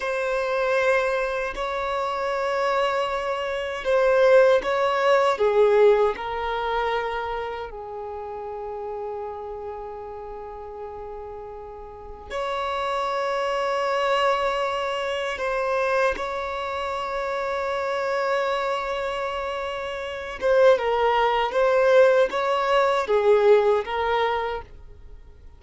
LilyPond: \new Staff \with { instrumentName = "violin" } { \time 4/4 \tempo 4 = 78 c''2 cis''2~ | cis''4 c''4 cis''4 gis'4 | ais'2 gis'2~ | gis'1 |
cis''1 | c''4 cis''2.~ | cis''2~ cis''8 c''8 ais'4 | c''4 cis''4 gis'4 ais'4 | }